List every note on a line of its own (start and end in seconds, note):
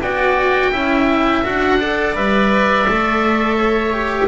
0.00 0.71 B3
0.00 0.73 F#4
0.00 0.72 D5
0.00 1.45 G5
0.72 1.44 C#4
0.72 1.44 E4
0.72 1.79 E5
1.44 2.17 D4
1.44 1.79 F#4
1.44 2.16 F#5
1.80 2.15 A4
1.80 3.57 D5
2.15 2.88 G3
2.15 2.86 B4
2.15 4.28 E5
2.88 4.28 A3
2.88 3.94 A4
3.57 4.28 C#5
3.94 4.28 G4